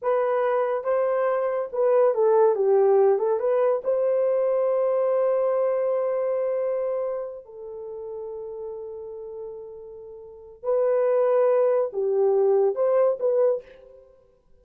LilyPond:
\new Staff \with { instrumentName = "horn" } { \time 4/4 \tempo 4 = 141 b'2 c''2 | b'4 a'4 g'4. a'8 | b'4 c''2.~ | c''1~ |
c''4. a'2~ a'8~ | a'1~ | a'4 b'2. | g'2 c''4 b'4 | }